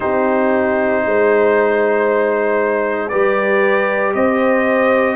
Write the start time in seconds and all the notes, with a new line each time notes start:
0.00 C4 D#4 G4 C5
1.05 G#3 C5
3.08 G3 G4 B4 D5
4.14 C4 C5 D#5